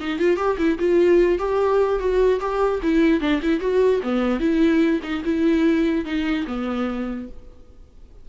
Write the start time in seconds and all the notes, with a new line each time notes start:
0.00 D#4
0.19 F4
0.36 G4
0.57 E4
0.79 F4
1.38 G4
1.99 F#4
2.40 G4
2.82 E4
3.20 D4
3.42 E4
3.60 F#4
4.03 B3
4.40 E4
5.03 D#4
5.24 E4
6.05 D#4
6.47 B3